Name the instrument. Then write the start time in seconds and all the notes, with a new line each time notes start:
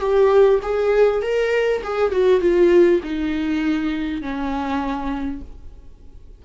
viola
0.00 G4
0.62 G#4
1.22 A#4
1.84 G#4
2.12 F#4
2.41 F4
3.03 D#4
4.22 C#4